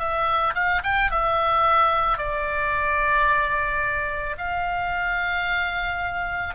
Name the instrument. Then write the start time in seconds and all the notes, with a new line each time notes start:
oboe
0.00 E5
0.55 F5
0.84 G5
1.12 E5
2.18 D5
4.38 F5